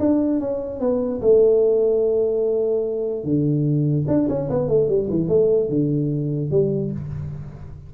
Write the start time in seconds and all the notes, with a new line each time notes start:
0.00 D4
0.40 C#4
0.81 B3
1.22 A3
3.24 D3
4.08 D4
4.29 C#4
4.50 B3
4.69 A3
4.89 G3
5.10 E3
5.29 A3
5.70 D3
6.51 G3